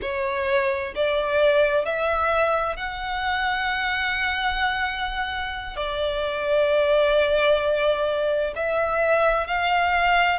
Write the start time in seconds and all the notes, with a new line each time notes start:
0.01 C#5
0.95 D5
1.85 E5
2.76 F#5
5.76 D5
8.55 E5
9.47 F5